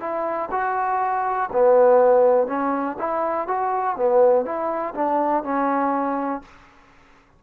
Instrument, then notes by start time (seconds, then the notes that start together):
trombone
0.00 E4
0.51 F#4
1.52 B3
2.47 C#4
2.99 E4
3.47 F#4
3.96 B3
4.45 E4
4.94 D4
5.44 C#4